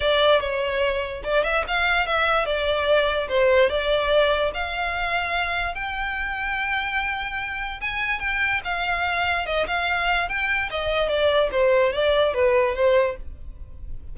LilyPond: \new Staff \with { instrumentName = "violin" } { \time 4/4 \tempo 4 = 146 d''4 cis''2 d''8 e''8 | f''4 e''4 d''2 | c''4 d''2 f''4~ | f''2 g''2~ |
g''2. gis''4 | g''4 f''2 dis''8 f''8~ | f''4 g''4 dis''4 d''4 | c''4 d''4 b'4 c''4 | }